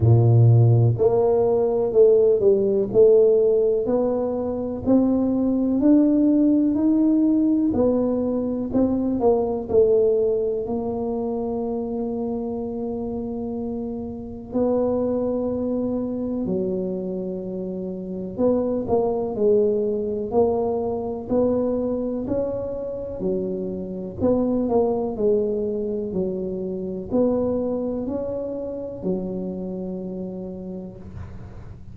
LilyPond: \new Staff \with { instrumentName = "tuba" } { \time 4/4 \tempo 4 = 62 ais,4 ais4 a8 g8 a4 | b4 c'4 d'4 dis'4 | b4 c'8 ais8 a4 ais4~ | ais2. b4~ |
b4 fis2 b8 ais8 | gis4 ais4 b4 cis'4 | fis4 b8 ais8 gis4 fis4 | b4 cis'4 fis2 | }